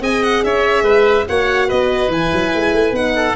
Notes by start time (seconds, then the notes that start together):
0.00 C4 G#4 D#5 G#5
0.23 F#5
0.44 C#4 C#5 E5
0.83 G#3 B4
1.29 A#3 F#4 C#5 F#5
1.68 B3 B4 D#5
2.09 E3 E4 G#5
2.33 F#3
2.55 G#3
2.73 A3
2.92 B3 D#4 F#5
3.16 A4